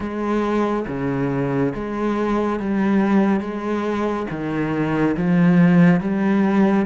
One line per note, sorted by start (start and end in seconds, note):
0.00 0.86 G#3
0.87 1.73 C#3
1.75 2.59 G#3
2.59 3.40 G3
3.40 4.26 G#3
4.30 5.16 D#3
5.16 6.00 F3
6.00 6.86 G3